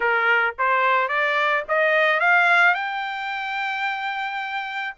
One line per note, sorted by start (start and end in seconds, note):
0.00 0.55 A#4
0.58 1.08 C5
1.08 1.63 D5
1.68 2.20 D#5
2.20 2.74 F5
2.74 4.94 G5